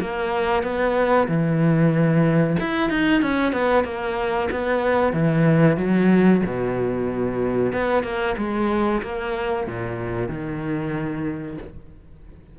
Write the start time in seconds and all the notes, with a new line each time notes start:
0.00 A#3
0.63 B3
1.28 E3
2.60 E4
2.90 D#4
3.22 C#4
3.52 B3
3.84 A#3
4.51 B3
5.13 E3
5.77 F#3
6.46 B2
7.73 B3
8.03 A#3
8.37 G#3
9.02 A#3
9.67 A#2
10.29 D#3